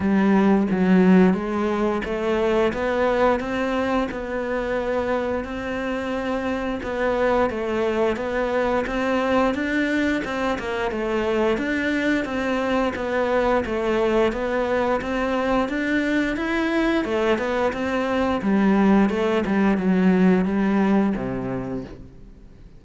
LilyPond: \new Staff \with { instrumentName = "cello" } { \time 4/4 \tempo 4 = 88 g4 fis4 gis4 a4 | b4 c'4 b2 | c'2 b4 a4 | b4 c'4 d'4 c'8 ais8 |
a4 d'4 c'4 b4 | a4 b4 c'4 d'4 | e'4 a8 b8 c'4 g4 | a8 g8 fis4 g4 c4 | }